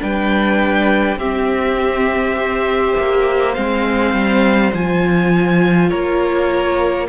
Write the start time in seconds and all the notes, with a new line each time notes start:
0.00 G3 D4 B4 G5
1.16 C4 G4 E5
2.35 G4 C5
2.99 A#3
3.53 G#3 C4 F5
4.13 G3
4.73 F3 F4 G#5
5.89 A#3 A#4 C#5